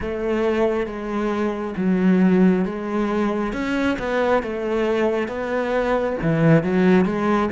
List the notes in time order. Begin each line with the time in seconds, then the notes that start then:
0.00 A3
0.86 G#3
1.76 F#3
2.65 G#3
3.53 C#4
3.98 B3
4.42 A3
5.28 B3
6.22 E3
6.63 F#3
7.05 G#3